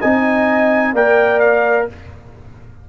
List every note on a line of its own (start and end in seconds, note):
0.00 0.93 C4
0.00 0.96 D#4
0.00 0.94 D#5
0.00 0.95 G#5
0.93 1.87 A#3
0.93 1.89 A#4
0.93 1.88 D5
0.93 1.40 G5
1.40 1.87 F5